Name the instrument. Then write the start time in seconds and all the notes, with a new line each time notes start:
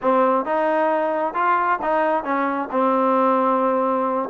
trombone
0.02 C4
0.45 D#4
1.34 F4
1.82 D#4
2.23 C#4
2.71 C4